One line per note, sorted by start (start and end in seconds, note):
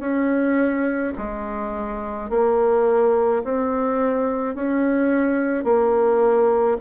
0.00 1.13 C#4
1.18 2.30 G#3
2.30 3.43 A#3
3.44 4.55 C4
4.55 5.64 C#4
5.64 6.78 A#3